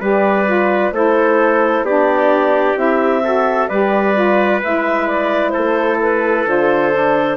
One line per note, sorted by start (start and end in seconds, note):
0.00 0.91 G3
0.00 0.45 G4
0.00 0.92 B4
0.00 0.92 D5
0.45 0.92 F4
0.91 1.82 A3
0.91 1.85 E4
0.91 1.85 A4
0.91 1.85 C5
1.82 2.74 B3
1.82 2.76 D4
1.82 3.23 G4
1.82 2.77 D5
2.76 3.68 C4
2.76 3.22 E4
2.76 3.67 E5
3.23 3.69 F#4
3.23 3.69 A4
3.67 4.62 G3
3.67 4.14 G4
3.67 5.53 B4
3.67 4.60 D5
4.14 4.60 F4
4.62 5.56 G#3
4.62 6.46 E4
4.62 5.07 E5
5.07 5.50 D5
5.50 7.37 A4
5.50 5.96 C5
5.56 6.46 A3
6.01 6.47 B4
6.46 7.37 D3
6.46 6.92 F4
6.46 7.37 C5
6.92 7.37 D4